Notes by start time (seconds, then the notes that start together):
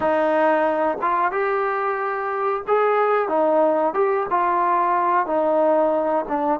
0.00 D#4
1.01 F4
1.31 G4
2.67 G#4
3.28 D#4
3.94 G4
4.30 F4
5.26 D#4
6.28 D4